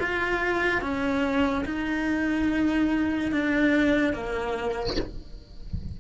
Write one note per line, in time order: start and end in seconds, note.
0.00 0.82 F4
0.82 1.65 C#4
1.66 3.32 D#4
3.32 4.14 D4
4.14 4.97 A#3